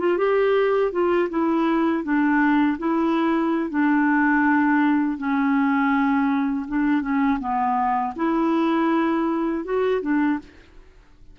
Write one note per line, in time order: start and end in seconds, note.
0.00 0.18 F4
0.18 0.92 G4
0.92 1.29 F4
1.30 2.04 E4
2.04 2.78 D4
2.78 3.70 E4
3.70 5.18 D4
5.18 6.66 C#4
6.68 7.02 D4
7.02 7.39 C#4
7.40 8.14 B3
8.16 9.65 E4
9.65 10.02 F#4
10.02 10.39 D4